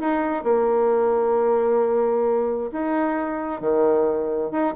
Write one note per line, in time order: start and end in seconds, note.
0.00 0.43 D#4
0.43 2.71 A#3
2.72 3.61 D#4
3.61 4.51 D#3
4.51 4.74 D#4